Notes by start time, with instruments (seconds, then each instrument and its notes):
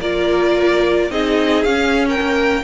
0.00 cello A#3, viola F4, violin A#4 D5
1.11 cello C4, viola D#4, violin G#4 D#5
1.64 cello C#4, viola C#4, violin F5
2.08 violin A#4 G5
2.21 cello A#3